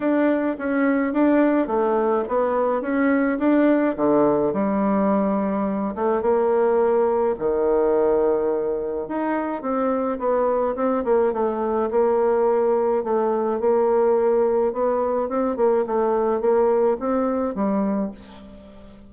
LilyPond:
\new Staff \with { instrumentName = "bassoon" } { \time 4/4 \tempo 4 = 106 d'4 cis'4 d'4 a4 | b4 cis'4 d'4 d4 | g2~ g8 a8 ais4~ | ais4 dis2. |
dis'4 c'4 b4 c'8 ais8 | a4 ais2 a4 | ais2 b4 c'8 ais8 | a4 ais4 c'4 g4 | }